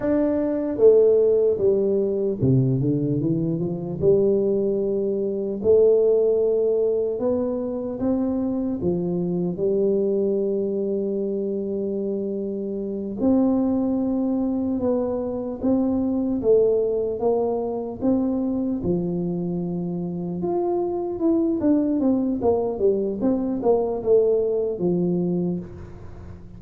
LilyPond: \new Staff \with { instrumentName = "tuba" } { \time 4/4 \tempo 4 = 75 d'4 a4 g4 c8 d8 | e8 f8 g2 a4~ | a4 b4 c'4 f4 | g1~ |
g8 c'2 b4 c'8~ | c'8 a4 ais4 c'4 f8~ | f4. f'4 e'8 d'8 c'8 | ais8 g8 c'8 ais8 a4 f4 | }